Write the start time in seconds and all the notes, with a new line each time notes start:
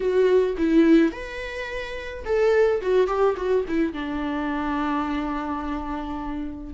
0.00 F#4
0.57 E4
1.12 B4
2.25 A4
2.81 F#4
3.07 G4
3.36 F#4
3.68 E4
3.93 D4